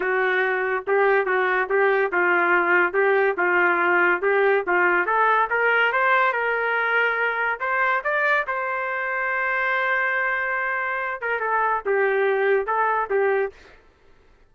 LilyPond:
\new Staff \with { instrumentName = "trumpet" } { \time 4/4 \tempo 4 = 142 fis'2 g'4 fis'4 | g'4 f'2 g'4 | f'2 g'4 f'4 | a'4 ais'4 c''4 ais'4~ |
ais'2 c''4 d''4 | c''1~ | c''2~ c''8 ais'8 a'4 | g'2 a'4 g'4 | }